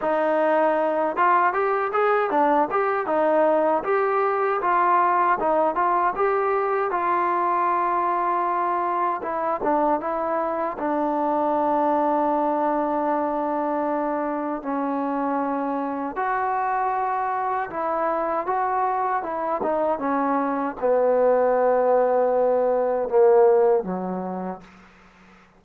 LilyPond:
\new Staff \with { instrumentName = "trombone" } { \time 4/4 \tempo 4 = 78 dis'4. f'8 g'8 gis'8 d'8 g'8 | dis'4 g'4 f'4 dis'8 f'8 | g'4 f'2. | e'8 d'8 e'4 d'2~ |
d'2. cis'4~ | cis'4 fis'2 e'4 | fis'4 e'8 dis'8 cis'4 b4~ | b2 ais4 fis4 | }